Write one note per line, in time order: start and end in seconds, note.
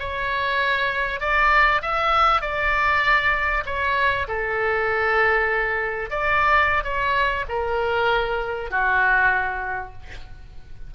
0.00 1.21 C#5
1.21 1.82 D5
1.82 2.42 E5
2.42 3.64 D5
3.66 4.27 C#5
4.28 6.10 A4
6.10 6.84 D5
6.84 7.45 C#5
7.49 8.71 A#4
8.71 9.93 F#4